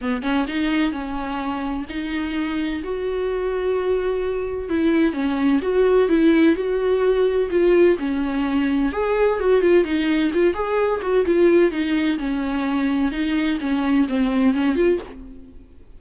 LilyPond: \new Staff \with { instrumentName = "viola" } { \time 4/4 \tempo 4 = 128 b8 cis'8 dis'4 cis'2 | dis'2 fis'2~ | fis'2 e'4 cis'4 | fis'4 e'4 fis'2 |
f'4 cis'2 gis'4 | fis'8 f'8 dis'4 f'8 gis'4 fis'8 | f'4 dis'4 cis'2 | dis'4 cis'4 c'4 cis'8 f'8 | }